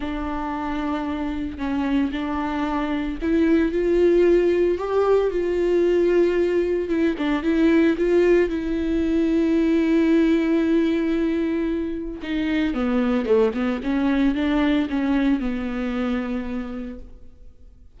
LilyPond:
\new Staff \with { instrumentName = "viola" } { \time 4/4 \tempo 4 = 113 d'2. cis'4 | d'2 e'4 f'4~ | f'4 g'4 f'2~ | f'4 e'8 d'8 e'4 f'4 |
e'1~ | e'2. dis'4 | b4 a8 b8 cis'4 d'4 | cis'4 b2. | }